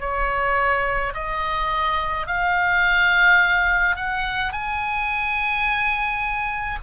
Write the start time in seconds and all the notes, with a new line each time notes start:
0.00 C#5
1.14 D#5
2.26 F5
3.96 F#5
4.52 G#5